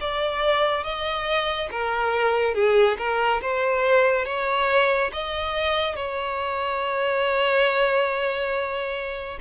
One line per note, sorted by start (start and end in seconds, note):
0.00 0.83 D5
0.83 1.69 D#5
1.71 2.54 A#4
2.54 2.97 G#4
2.98 3.41 A#4
3.41 4.25 C5
4.25 5.10 C#5
5.12 5.95 D#5
5.95 9.38 C#5